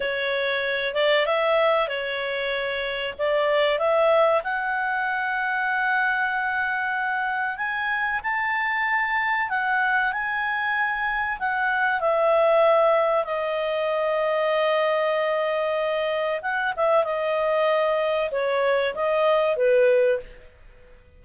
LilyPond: \new Staff \with { instrumentName = "clarinet" } { \time 4/4 \tempo 4 = 95 cis''4. d''8 e''4 cis''4~ | cis''4 d''4 e''4 fis''4~ | fis''1 | gis''4 a''2 fis''4 |
gis''2 fis''4 e''4~ | e''4 dis''2.~ | dis''2 fis''8 e''8 dis''4~ | dis''4 cis''4 dis''4 b'4 | }